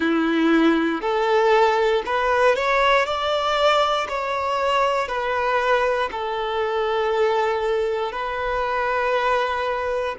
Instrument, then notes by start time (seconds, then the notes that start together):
violin
0.00 E4
1.01 A4
2.05 B4
2.55 C#5
3.05 D5
4.09 C#5
5.08 B4
6.11 A4
8.12 B4